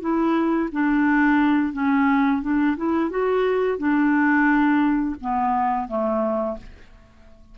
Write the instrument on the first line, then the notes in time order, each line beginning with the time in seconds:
clarinet
0.00 E4
0.71 D4
1.72 C#4
2.42 D4
2.76 E4
3.09 F#4
3.77 D4
5.20 B3
5.87 A3